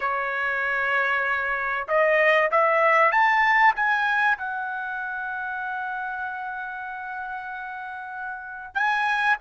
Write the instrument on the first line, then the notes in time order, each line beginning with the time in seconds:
trumpet
0.00 C#5
1.88 D#5
2.51 E5
3.11 A5
3.75 G#5
4.38 F#5
8.74 G#5